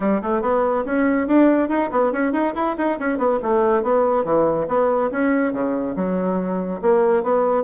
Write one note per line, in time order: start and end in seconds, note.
0.00 0.21 G3
0.22 0.41 A3
0.41 0.84 B3
0.85 1.27 C#4
1.27 1.68 D4
1.68 1.90 D#4
1.91 2.12 B3
2.12 2.32 C#4
2.32 2.53 D#4
2.54 2.75 E4
2.77 2.98 D#4
2.99 3.18 C#4
3.18 3.39 B3
3.42 3.83 A3
3.83 4.24 B3
4.24 4.66 E3
4.68 5.10 B3
5.11 5.52 C#4
5.52 5.95 C#3
5.96 6.81 F#3
6.81 7.23 A#3
7.23 7.63 B3